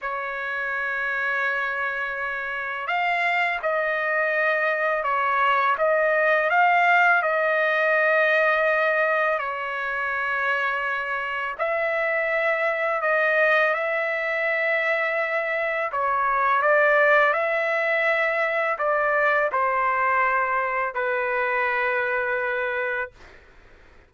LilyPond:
\new Staff \with { instrumentName = "trumpet" } { \time 4/4 \tempo 4 = 83 cis''1 | f''4 dis''2 cis''4 | dis''4 f''4 dis''2~ | dis''4 cis''2. |
e''2 dis''4 e''4~ | e''2 cis''4 d''4 | e''2 d''4 c''4~ | c''4 b'2. | }